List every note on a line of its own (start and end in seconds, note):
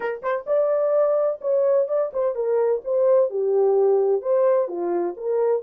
0.00 0.22 A#4
0.22 0.45 C5
0.46 1.40 D5
1.41 1.88 C#5
1.88 2.11 D5
2.13 2.35 C5
2.35 2.82 A#4
2.84 3.30 C5
3.30 4.21 G4
4.21 4.67 C5
4.67 5.14 F4
5.16 5.62 A#4